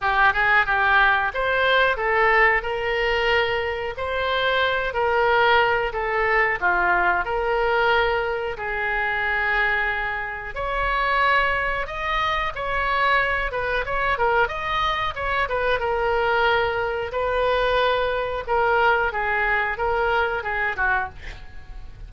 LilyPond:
\new Staff \with { instrumentName = "oboe" } { \time 4/4 \tempo 4 = 91 g'8 gis'8 g'4 c''4 a'4 | ais'2 c''4. ais'8~ | ais'4 a'4 f'4 ais'4~ | ais'4 gis'2. |
cis''2 dis''4 cis''4~ | cis''8 b'8 cis''8 ais'8 dis''4 cis''8 b'8 | ais'2 b'2 | ais'4 gis'4 ais'4 gis'8 fis'8 | }